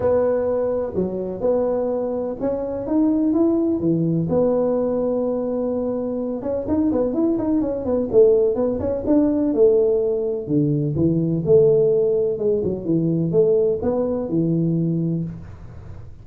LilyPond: \new Staff \with { instrumentName = "tuba" } { \time 4/4 \tempo 4 = 126 b2 fis4 b4~ | b4 cis'4 dis'4 e'4 | e4 b2.~ | b4. cis'8 dis'8 b8 e'8 dis'8 |
cis'8 b8 a4 b8 cis'8 d'4 | a2 d4 e4 | a2 gis8 fis8 e4 | a4 b4 e2 | }